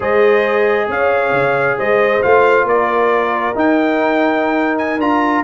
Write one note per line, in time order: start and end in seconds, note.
0.00 0.88 G#3
0.00 2.21 G#4
0.00 0.88 C5
0.00 0.90 D#5
0.88 1.32 C#4
0.88 1.78 C#5
0.88 1.79 F5
1.32 1.76 C#3
1.78 2.23 G#3
1.78 2.65 C5
1.78 2.22 D#5
2.22 2.64 A3
2.22 3.54 F4
2.22 2.66 F5
2.64 3.52 A#3
2.64 5.43 A#4
2.64 3.57 D5
3.54 4.99 D#4
3.54 4.98 D#4
3.54 4.77 G5
4.77 5.00 G#5
4.98 5.42 D4
4.98 5.44 F4
4.98 5.44 A#5